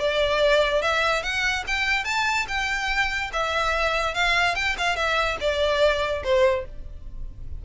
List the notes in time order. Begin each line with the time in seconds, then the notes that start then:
0.00 D5
0.83 E5
1.23 F#5
1.68 G5
2.05 A5
2.49 G5
3.33 E5
4.15 F5
4.56 G5
4.79 F5
4.96 E5
5.41 D5
6.24 C5